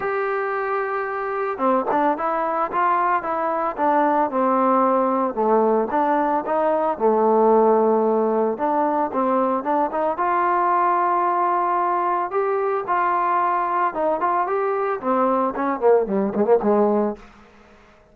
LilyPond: \new Staff \with { instrumentName = "trombone" } { \time 4/4 \tempo 4 = 112 g'2. c'8 d'8 | e'4 f'4 e'4 d'4 | c'2 a4 d'4 | dis'4 a2. |
d'4 c'4 d'8 dis'8 f'4~ | f'2. g'4 | f'2 dis'8 f'8 g'4 | c'4 cis'8 ais8 g8 gis16 ais16 gis4 | }